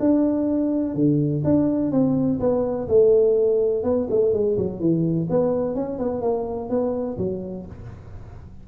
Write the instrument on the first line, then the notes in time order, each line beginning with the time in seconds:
tuba
0.00 D4
0.95 D3
1.45 D4
1.92 C4
2.40 B3
2.88 A3
3.84 B3
4.10 A3
4.33 G#3
4.58 F#3
4.80 E3
5.30 B3
5.75 C#4
5.99 B3
6.22 A#3
6.70 B3
7.18 F#3